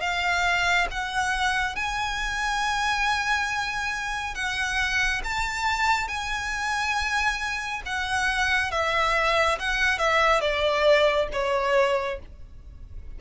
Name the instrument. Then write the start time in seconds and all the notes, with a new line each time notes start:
violin
0.00 F5
0.91 F#5
1.75 G#5
4.34 F#5
5.23 A5
6.08 G#5
7.85 F#5
8.71 E5
9.58 F#5
9.98 E5
10.40 D5
11.32 C#5